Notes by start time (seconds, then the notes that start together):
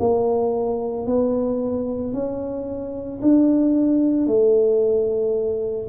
0.00 A#3
1.07 B3
2.14 C#4
3.22 D4
4.27 A3